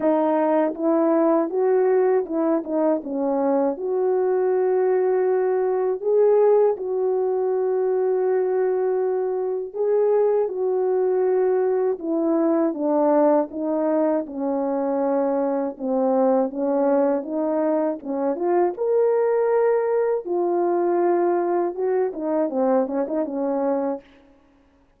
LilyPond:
\new Staff \with { instrumentName = "horn" } { \time 4/4 \tempo 4 = 80 dis'4 e'4 fis'4 e'8 dis'8 | cis'4 fis'2. | gis'4 fis'2.~ | fis'4 gis'4 fis'2 |
e'4 d'4 dis'4 cis'4~ | cis'4 c'4 cis'4 dis'4 | cis'8 f'8 ais'2 f'4~ | f'4 fis'8 dis'8 c'8 cis'16 dis'16 cis'4 | }